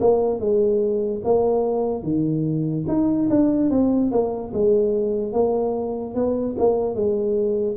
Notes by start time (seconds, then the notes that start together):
0.00 A#3
0.40 G#3
1.24 A#3
2.02 D#3
2.87 D#4
3.30 D4
3.70 C4
4.11 A#3
4.53 G#3
5.32 A#3
6.15 B3
6.58 A#3
6.95 G#3